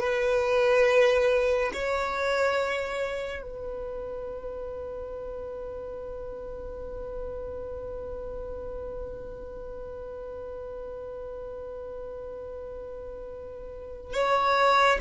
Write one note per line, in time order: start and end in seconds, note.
0.00 1.71 B4
1.73 3.42 C#5
3.42 14.13 B4
14.13 14.98 C#5